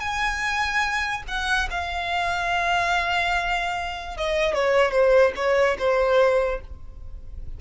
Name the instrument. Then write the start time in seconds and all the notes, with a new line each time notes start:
violin
0.00 G#5
1.28 F#5
1.71 F5
4.17 D#5
4.54 C#5
4.92 C5
5.36 C#5
5.79 C5